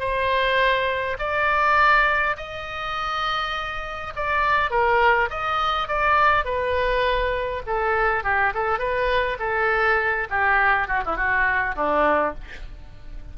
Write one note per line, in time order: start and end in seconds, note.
0.00 1.18 C5
1.19 2.37 D5
2.37 4.14 D#5
4.16 4.71 D5
4.71 5.30 A#4
5.30 5.88 D#5
5.88 6.45 D5
6.45 7.63 B4
7.67 8.24 A4
8.24 8.53 G4
8.54 8.79 A4
8.79 9.38 B4
9.40 10.28 A4
10.30 10.88 G4
10.88 11.03 F#4
11.06 11.17 E4
11.17 11.75 F#4
11.76 12.35 D4